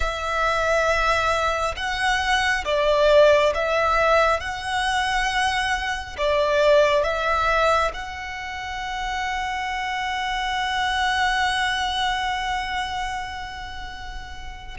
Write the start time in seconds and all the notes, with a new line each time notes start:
0.00 E5
1.76 F#5
2.65 D5
3.54 E5
4.40 F#5
6.17 D5
7.03 E5
7.93 F#5